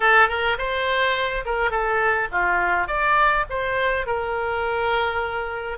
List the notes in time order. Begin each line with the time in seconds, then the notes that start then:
0.00 A4
0.28 A#4
0.58 C5
1.45 A#4
1.70 A4
2.31 F4
2.87 D5
3.49 C5
4.06 A#4